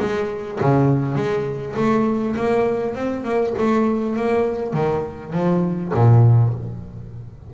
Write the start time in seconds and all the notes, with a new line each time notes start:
0.00 G#3
0.61 C#3
1.16 G#3
1.76 A3
2.36 A#3
2.95 C4
3.24 A#3
3.58 A3
4.16 A#3
4.73 D#3
5.33 F3
5.94 A#2